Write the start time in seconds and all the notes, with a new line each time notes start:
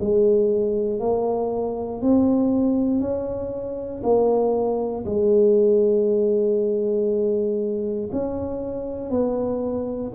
0.00 G#3
1.00 A#3
2.02 C4
3.01 C#4
4.03 A#3
5.06 G#3
8.13 C#4
9.11 B3